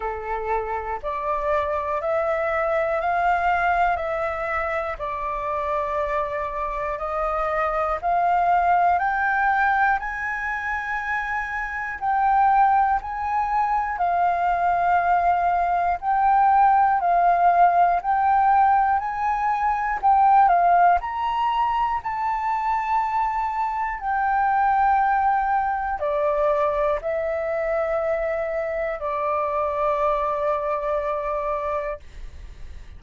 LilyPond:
\new Staff \with { instrumentName = "flute" } { \time 4/4 \tempo 4 = 60 a'4 d''4 e''4 f''4 | e''4 d''2 dis''4 | f''4 g''4 gis''2 | g''4 gis''4 f''2 |
g''4 f''4 g''4 gis''4 | g''8 f''8 ais''4 a''2 | g''2 d''4 e''4~ | e''4 d''2. | }